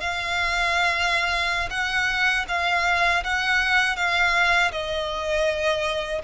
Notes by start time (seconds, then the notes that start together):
0.00 F5
1.70 F#5
2.48 F5
3.24 F#5
3.96 F5
4.71 D#5